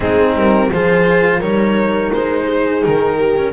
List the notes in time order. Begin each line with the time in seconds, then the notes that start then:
0.00 G#3 C4 D#4 G#4
0.35 G3 A#4
0.71 F3 F4 G#4 C5
1.39 G3 D#4 A#4 C#5
2.13 G#3 C5
2.46 G#4
2.83 D#3 A#4
3.17 G4
3.36 C#4